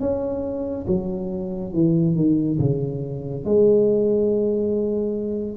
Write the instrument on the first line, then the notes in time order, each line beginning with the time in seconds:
tuba
0.00 C#4
0.87 F#3
1.73 E3
2.16 D#3
2.59 C#3
3.45 G#3